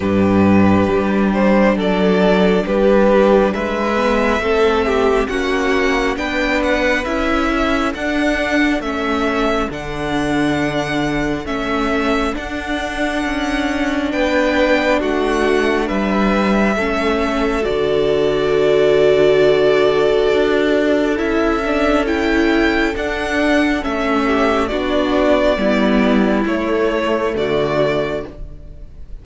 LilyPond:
<<
  \new Staff \with { instrumentName = "violin" } { \time 4/4 \tempo 4 = 68 b'4. c''8 d''4 b'4 | e''2 fis''4 g''8 fis''8 | e''4 fis''4 e''4 fis''4~ | fis''4 e''4 fis''2 |
g''4 fis''4 e''2 | d''1 | e''4 g''4 fis''4 e''4 | d''2 cis''4 d''4 | }
  \new Staff \with { instrumentName = "violin" } { \time 4/4 g'2 a'4 g'4 | b'4 a'8 g'8 fis'4 b'4~ | b'8 a'2.~ a'8~ | a'1 |
b'4 fis'4 b'4 a'4~ | a'1~ | a'2.~ a'8 g'8 | fis'4 e'2 fis'4 | }
  \new Staff \with { instrumentName = "viola" } { \time 4/4 d'1~ | d'8 b8 c'4 cis'4 d'4 | e'4 d'4 cis'4 d'4~ | d'4 cis'4 d'2~ |
d'2. cis'4 | fis'1 | e'8 d'8 e'4 d'4 cis'4 | d'4 b4 a2 | }
  \new Staff \with { instrumentName = "cello" } { \time 4/4 g,4 g4 fis4 g4 | gis4 a4 ais4 b4 | cis'4 d'4 a4 d4~ | d4 a4 d'4 cis'4 |
b4 a4 g4 a4 | d2. d'4 | cis'2 d'4 a4 | b4 g4 a4 d4 | }
>>